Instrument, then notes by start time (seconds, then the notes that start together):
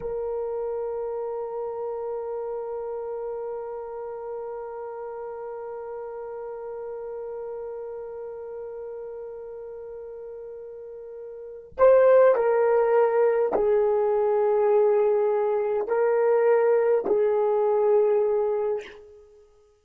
horn
0.00 A#4
11.77 C5
12.35 A#4
13.53 G#4
15.87 A#4
17.06 G#4